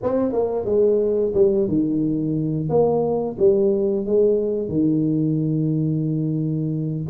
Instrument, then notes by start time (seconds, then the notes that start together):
tuba
0.02 C4
0.32 A#3
0.65 G#3
1.34 G3
1.68 D#3
2.69 A#3
3.38 G3
4.05 G#3
4.68 D#3